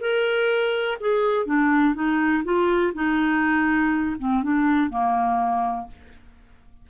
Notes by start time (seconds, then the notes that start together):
0.00 A#4
1.00 G#4
1.45 D4
1.94 D#4
2.44 F4
2.94 D#4
4.19 C4
4.43 D4
4.90 A#3